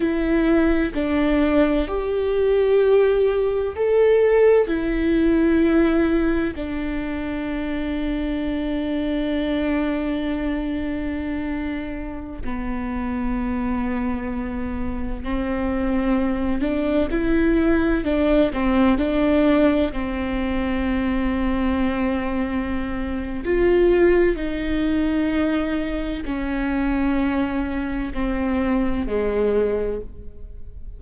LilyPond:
\new Staff \with { instrumentName = "viola" } { \time 4/4 \tempo 4 = 64 e'4 d'4 g'2 | a'4 e'2 d'4~ | d'1~ | d'4~ d'16 b2~ b8.~ |
b16 c'4. d'8 e'4 d'8 c'16~ | c'16 d'4 c'2~ c'8.~ | c'4 f'4 dis'2 | cis'2 c'4 gis4 | }